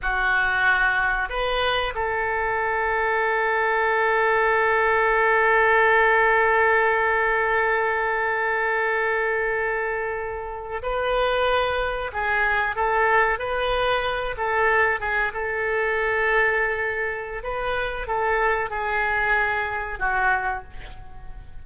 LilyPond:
\new Staff \with { instrumentName = "oboe" } { \time 4/4 \tempo 4 = 93 fis'2 b'4 a'4~ | a'1~ | a'1~ | a'1~ |
a'8. b'2 gis'4 a'16~ | a'8. b'4. a'4 gis'8 a'16~ | a'2. b'4 | a'4 gis'2 fis'4 | }